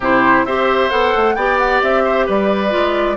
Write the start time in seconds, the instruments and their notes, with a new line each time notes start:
0.00 bassoon C3, clarinet E4, oboe G4, flute C5
0.45 bassoon C4, clarinet G4, oboe C5, flute E5
0.89 bassoon B3, clarinet A4, flute F#5
1.15 bassoon A3
1.34 bassoon B3, clarinet G4, oboe D5, flute G5
1.58 flute F#5
1.82 bassoon C4, flute E5
2.04 oboe C5
2.25 bassoon G3, oboe B4, flute D5
2.70 bassoon G#3, clarinet F4